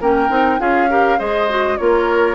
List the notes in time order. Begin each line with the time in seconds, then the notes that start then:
0.00 A#3 C#4 A#4 G5
0.29 C4 D#4
0.58 C#4 F4 G#4 F5
0.89 G4 A#4
1.18 G#3 G#4 C5 D#5
1.49 F#4
1.77 A#3 F4 A#4 C#5